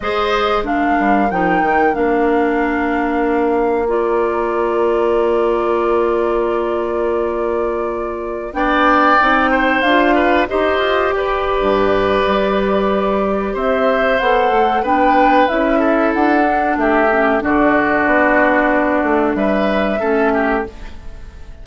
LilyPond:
<<
  \new Staff \with { instrumentName = "flute" } { \time 4/4 \tempo 4 = 93 dis''4 f''4 g''4 f''4~ | f''2 d''2~ | d''1~ | d''4~ d''16 g''2 f''8.~ |
f''16 dis''4 d''2~ d''8.~ | d''4 e''4 fis''4 g''4 | e''4 fis''4 e''4 d''4~ | d''2 e''2 | }
  \new Staff \with { instrumentName = "oboe" } { \time 4/4 c''4 ais'2.~ | ais'1~ | ais'1~ | ais'4~ ais'16 d''4. c''4 b'16~ |
b'16 c''4 b'2~ b'8.~ | b'4 c''2 b'4~ | b'8 a'4. g'4 fis'4~ | fis'2 b'4 a'8 g'8 | }
  \new Staff \with { instrumentName = "clarinet" } { \time 4/4 gis'4 d'4 dis'4 d'4~ | d'2 f'2~ | f'1~ | f'4~ f'16 d'4 dis'4 f'8.~ |
f'16 g'2.~ g'8.~ | g'2 a'4 d'4 | e'4. d'4 cis'8 d'4~ | d'2. cis'4 | }
  \new Staff \with { instrumentName = "bassoon" } { \time 4/4 gis4. g8 f8 dis8 ais4~ | ais1~ | ais1~ | ais4~ ais16 b4 c'4 d'8.~ |
d'16 dis'8 f'8 g'8. g,4 g4~ | g4 c'4 b8 a8 b4 | cis'4 d'4 a4 d4 | b4. a8 g4 a4 | }
>>